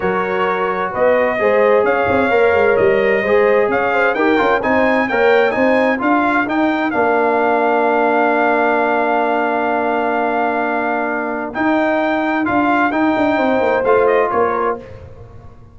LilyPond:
<<
  \new Staff \with { instrumentName = "trumpet" } { \time 4/4 \tempo 4 = 130 cis''2 dis''2 | f''2 dis''2 | f''4 g''4 gis''4 g''4 | gis''4 f''4 g''4 f''4~ |
f''1~ | f''1~ | f''4 g''2 f''4 | g''2 f''8 dis''8 cis''4 | }
  \new Staff \with { instrumentName = "horn" } { \time 4/4 ais'2 b'4 c''4 | cis''2. c''4 | cis''8 c''8 ais'4 c''4 cis''4 | c''4 ais'2.~ |
ais'1~ | ais'1~ | ais'1~ | ais'4 c''2 ais'4 | }
  \new Staff \with { instrumentName = "trombone" } { \time 4/4 fis'2. gis'4~ | gis'4 ais'2 gis'4~ | gis'4 g'8 f'8 dis'4 ais'4 | dis'4 f'4 dis'4 d'4~ |
d'1~ | d'1~ | d'4 dis'2 f'4 | dis'2 f'2 | }
  \new Staff \with { instrumentName = "tuba" } { \time 4/4 fis2 b4 gis4 | cis'8 c'8 ais8 gis8 g4 gis4 | cis'4 dis'8 cis'8 c'4 ais4 | c'4 d'4 dis'4 ais4~ |
ais1~ | ais1~ | ais4 dis'2 d'4 | dis'8 d'8 c'8 ais8 a4 ais4 | }
>>